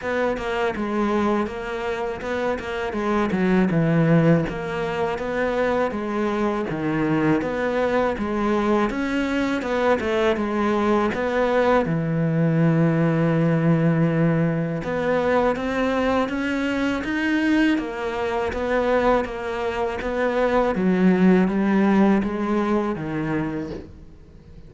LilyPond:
\new Staff \with { instrumentName = "cello" } { \time 4/4 \tempo 4 = 81 b8 ais8 gis4 ais4 b8 ais8 | gis8 fis8 e4 ais4 b4 | gis4 dis4 b4 gis4 | cis'4 b8 a8 gis4 b4 |
e1 | b4 c'4 cis'4 dis'4 | ais4 b4 ais4 b4 | fis4 g4 gis4 dis4 | }